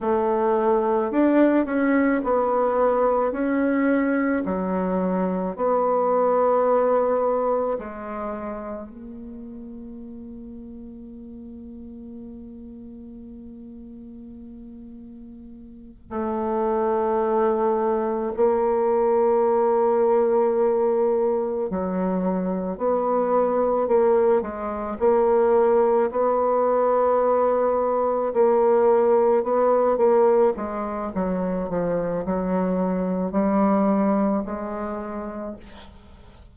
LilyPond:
\new Staff \with { instrumentName = "bassoon" } { \time 4/4 \tempo 4 = 54 a4 d'8 cis'8 b4 cis'4 | fis4 b2 gis4 | ais1~ | ais2~ ais8 a4.~ |
a8 ais2. fis8~ | fis8 b4 ais8 gis8 ais4 b8~ | b4. ais4 b8 ais8 gis8 | fis8 f8 fis4 g4 gis4 | }